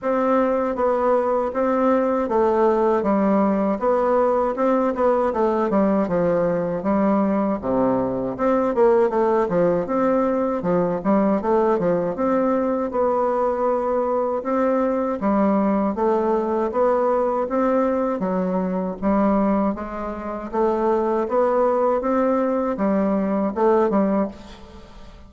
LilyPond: \new Staff \with { instrumentName = "bassoon" } { \time 4/4 \tempo 4 = 79 c'4 b4 c'4 a4 | g4 b4 c'8 b8 a8 g8 | f4 g4 c4 c'8 ais8 | a8 f8 c'4 f8 g8 a8 f8 |
c'4 b2 c'4 | g4 a4 b4 c'4 | fis4 g4 gis4 a4 | b4 c'4 g4 a8 g8 | }